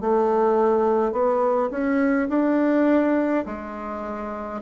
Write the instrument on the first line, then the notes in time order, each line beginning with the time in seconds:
bassoon
0.00 A3
1.12 B3
1.70 C#4
2.29 D4
3.45 G#3